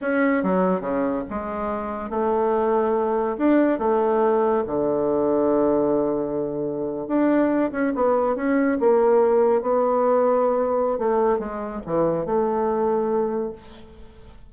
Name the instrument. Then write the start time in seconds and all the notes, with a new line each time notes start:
bassoon
0.01 C#4
0.43 F#3
0.80 C#3
1.30 G#3
2.10 A3
3.38 D4
3.79 A3
4.67 D3
7.07 D4
7.71 C#4
7.95 B3
8.35 C#4
8.79 A#3
9.61 B3
10.98 A3
11.38 G#3
11.86 E3
12.25 A3